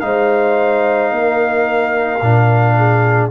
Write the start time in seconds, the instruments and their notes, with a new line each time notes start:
0.00 tuba G#3, trombone D#4, horn C5, trumpet F5
1.11 tuba A#3, horn A#4
2.22 tuba A#2, trombone D4
2.76 horn G#4